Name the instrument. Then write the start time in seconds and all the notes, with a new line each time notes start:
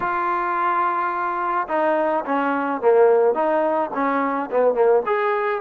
trombone
0.00 F4
1.68 D#4
2.25 C#4
2.81 A#3
3.34 D#4
3.94 C#4
4.51 B3
4.74 A#3
5.06 G#4